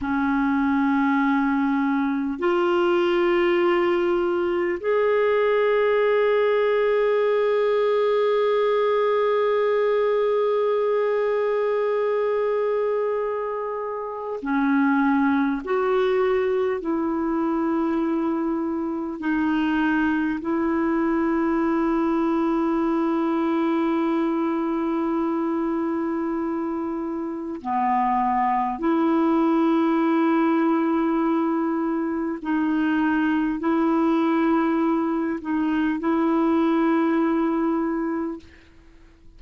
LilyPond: \new Staff \with { instrumentName = "clarinet" } { \time 4/4 \tempo 4 = 50 cis'2 f'2 | gis'1~ | gis'1 | cis'4 fis'4 e'2 |
dis'4 e'2.~ | e'2. b4 | e'2. dis'4 | e'4. dis'8 e'2 | }